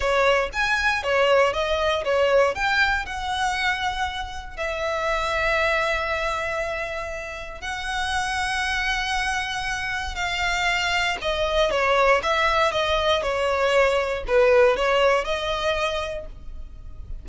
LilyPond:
\new Staff \with { instrumentName = "violin" } { \time 4/4 \tempo 4 = 118 cis''4 gis''4 cis''4 dis''4 | cis''4 g''4 fis''2~ | fis''4 e''2.~ | e''2. fis''4~ |
fis''1 | f''2 dis''4 cis''4 | e''4 dis''4 cis''2 | b'4 cis''4 dis''2 | }